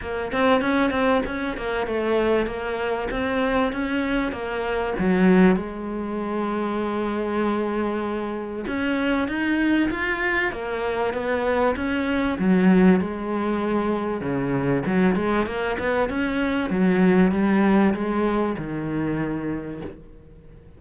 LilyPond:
\new Staff \with { instrumentName = "cello" } { \time 4/4 \tempo 4 = 97 ais8 c'8 cis'8 c'8 cis'8 ais8 a4 | ais4 c'4 cis'4 ais4 | fis4 gis2.~ | gis2 cis'4 dis'4 |
f'4 ais4 b4 cis'4 | fis4 gis2 cis4 | fis8 gis8 ais8 b8 cis'4 fis4 | g4 gis4 dis2 | }